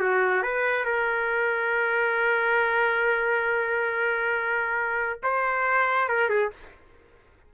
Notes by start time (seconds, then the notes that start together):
0.00 F#4
0.43 B4
0.85 A#4
5.23 C5
6.09 A#4
6.29 G#4